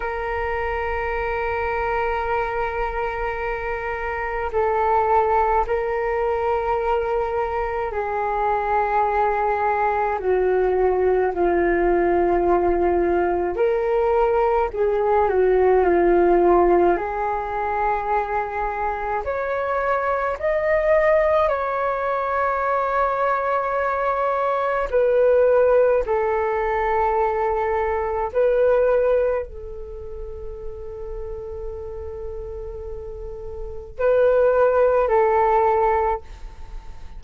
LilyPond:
\new Staff \with { instrumentName = "flute" } { \time 4/4 \tempo 4 = 53 ais'1 | a'4 ais'2 gis'4~ | gis'4 fis'4 f'2 | ais'4 gis'8 fis'8 f'4 gis'4~ |
gis'4 cis''4 dis''4 cis''4~ | cis''2 b'4 a'4~ | a'4 b'4 a'2~ | a'2 b'4 a'4 | }